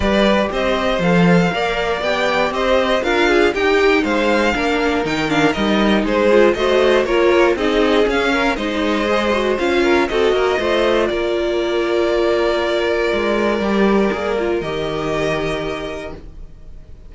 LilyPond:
<<
  \new Staff \with { instrumentName = "violin" } { \time 4/4 \tempo 4 = 119 d''4 dis''4 f''2 | g''4 dis''4 f''4 g''4 | f''2 g''8 f''8 dis''4 | c''4 dis''4 cis''4 dis''4 |
f''4 dis''2 f''4 | dis''2 d''2~ | d''1~ | d''4 dis''2. | }
  \new Staff \with { instrumentName = "violin" } { \time 4/4 b'4 c''2 d''4~ | d''4 c''4 ais'8 gis'8 g'4 | c''4 ais'2. | gis'4 c''4 ais'4 gis'4~ |
gis'8 ais'8 c''2~ c''8 ais'8 | a'8 ais'8 c''4 ais'2~ | ais'1~ | ais'1 | }
  \new Staff \with { instrumentName = "viola" } { \time 4/4 g'2 a'4 ais'4 | g'2 f'4 dis'4~ | dis'4 d'4 dis'8 d'8 dis'4~ | dis'8 f'8 fis'4 f'4 dis'4 |
cis'4 dis'4 gis'8 fis'8 f'4 | fis'4 f'2.~ | f'2. g'4 | gis'8 f'8 g'2. | }
  \new Staff \with { instrumentName = "cello" } { \time 4/4 g4 c'4 f4 ais4 | b4 c'4 d'4 dis'4 | gis4 ais4 dis4 g4 | gis4 a4 ais4 c'4 |
cis'4 gis2 cis'4 | c'8 ais8 a4 ais2~ | ais2 gis4 g4 | ais4 dis2. | }
>>